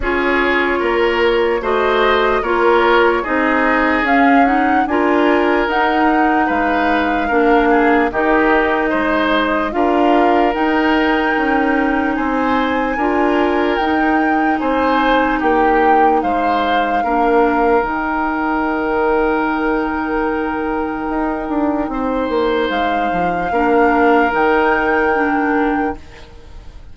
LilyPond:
<<
  \new Staff \with { instrumentName = "flute" } { \time 4/4 \tempo 4 = 74 cis''2 dis''4 cis''4 | dis''4 f''8 fis''8 gis''4 fis''4 | f''2 dis''2 | f''4 g''2 gis''4~ |
gis''4 g''4 gis''4 g''4 | f''2 g''2~ | g''1 | f''2 g''2 | }
  \new Staff \with { instrumentName = "oboe" } { \time 4/4 gis'4 ais'4 c''4 ais'4 | gis'2 ais'2 | b'4 ais'8 gis'8 g'4 c''4 | ais'2. c''4 |
ais'2 c''4 g'4 | c''4 ais'2.~ | ais'2. c''4~ | c''4 ais'2. | }
  \new Staff \with { instrumentName = "clarinet" } { \time 4/4 f'2 fis'4 f'4 | dis'4 cis'8 dis'8 f'4 dis'4~ | dis'4 d'4 dis'2 | f'4 dis'2. |
f'4 dis'2.~ | dis'4 d'4 dis'2~ | dis'1~ | dis'4 d'4 dis'4 d'4 | }
  \new Staff \with { instrumentName = "bassoon" } { \time 4/4 cis'4 ais4 a4 ais4 | c'4 cis'4 d'4 dis'4 | gis4 ais4 dis4 gis4 | d'4 dis'4 cis'4 c'4 |
d'4 dis'4 c'4 ais4 | gis4 ais4 dis2~ | dis2 dis'8 d'8 c'8 ais8 | gis8 f8 ais4 dis2 | }
>>